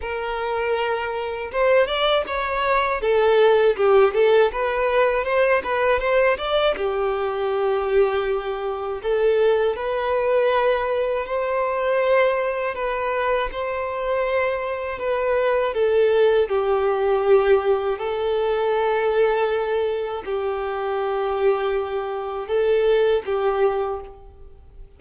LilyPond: \new Staff \with { instrumentName = "violin" } { \time 4/4 \tempo 4 = 80 ais'2 c''8 d''8 cis''4 | a'4 g'8 a'8 b'4 c''8 b'8 | c''8 d''8 g'2. | a'4 b'2 c''4~ |
c''4 b'4 c''2 | b'4 a'4 g'2 | a'2. g'4~ | g'2 a'4 g'4 | }